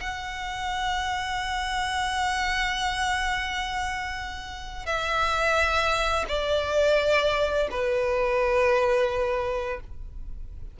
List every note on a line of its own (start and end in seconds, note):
0.00 4.86 F#5
4.86 6.25 E5
6.28 7.68 D5
7.71 9.80 B4